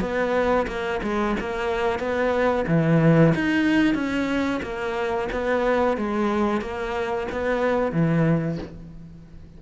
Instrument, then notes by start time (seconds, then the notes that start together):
cello
0.00 B3
0.67 A#3
1.02 G#3
1.39 A#3
1.99 B3
2.67 E3
3.34 D#4
3.94 C#4
4.62 A#3
5.31 B3
5.97 G#3
6.61 A#3
7.31 B3
7.92 E3